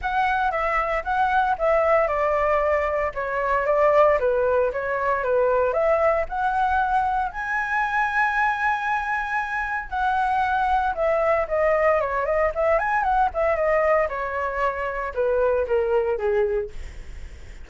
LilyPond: \new Staff \with { instrumentName = "flute" } { \time 4/4 \tempo 4 = 115 fis''4 e''4 fis''4 e''4 | d''2 cis''4 d''4 | b'4 cis''4 b'4 e''4 | fis''2 gis''2~ |
gis''2. fis''4~ | fis''4 e''4 dis''4 cis''8 dis''8 | e''8 gis''8 fis''8 e''8 dis''4 cis''4~ | cis''4 b'4 ais'4 gis'4 | }